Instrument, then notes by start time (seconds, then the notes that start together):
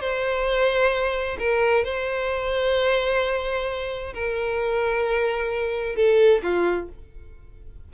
violin
0.00 C5
1.39 A#4
1.84 C5
4.14 A#4
5.96 A4
6.43 F4